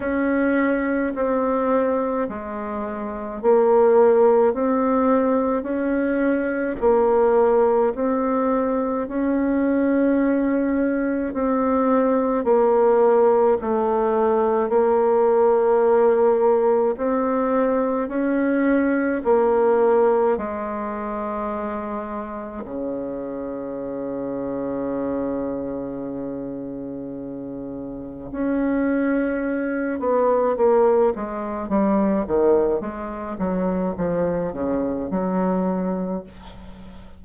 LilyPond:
\new Staff \with { instrumentName = "bassoon" } { \time 4/4 \tempo 4 = 53 cis'4 c'4 gis4 ais4 | c'4 cis'4 ais4 c'4 | cis'2 c'4 ais4 | a4 ais2 c'4 |
cis'4 ais4 gis2 | cis1~ | cis4 cis'4. b8 ais8 gis8 | g8 dis8 gis8 fis8 f8 cis8 fis4 | }